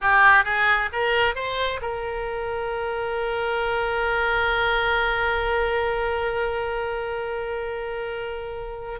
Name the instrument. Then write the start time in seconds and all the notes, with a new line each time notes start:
oboe
0.01 G4
0.44 G#4
0.92 A#4
1.35 C5
1.81 A#4